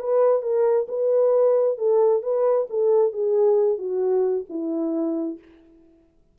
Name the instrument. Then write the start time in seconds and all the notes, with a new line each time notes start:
horn
0.00 B4
0.42 A#4
0.88 B4
1.78 A4
2.23 B4
2.70 A4
3.12 G#4
3.78 F#4
4.49 E4